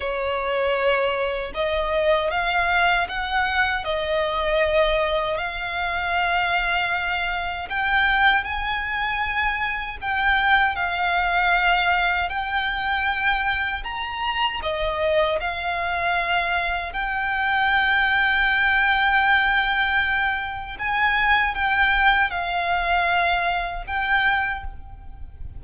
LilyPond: \new Staff \with { instrumentName = "violin" } { \time 4/4 \tempo 4 = 78 cis''2 dis''4 f''4 | fis''4 dis''2 f''4~ | f''2 g''4 gis''4~ | gis''4 g''4 f''2 |
g''2 ais''4 dis''4 | f''2 g''2~ | g''2. gis''4 | g''4 f''2 g''4 | }